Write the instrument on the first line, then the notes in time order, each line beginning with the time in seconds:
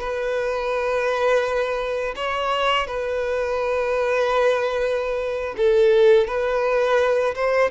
violin
0.00 B4
2.15 C#5
2.87 B4
5.56 A4
6.27 B4
7.35 C5